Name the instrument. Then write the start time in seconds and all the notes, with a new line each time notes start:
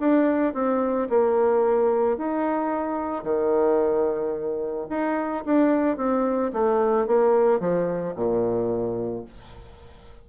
bassoon
0.00 D4
0.54 C4
1.10 A#3
2.17 D#4
3.24 D#3
4.90 D#4
5.45 D4
5.97 C4
6.53 A3
7.07 A#3
7.60 F3
8.16 A#2